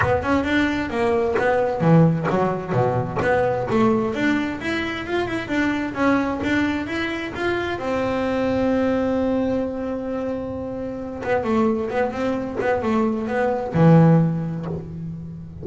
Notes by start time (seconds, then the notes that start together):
0.01 B3
0.22 C#4
0.44 D4
0.90 A#3
1.38 B3
1.80 E3
2.29 F#3
2.73 B2
3.21 B3
3.70 A3
4.14 D4
4.60 E4
5.06 F4
5.27 E4
5.48 D4
5.94 C#4
6.43 D4
6.87 E4
7.34 F4
7.79 C4
11.23 B3
11.44 A3
11.90 B3
12.11 C4
12.60 B3
12.82 A3
13.27 B3
13.74 E3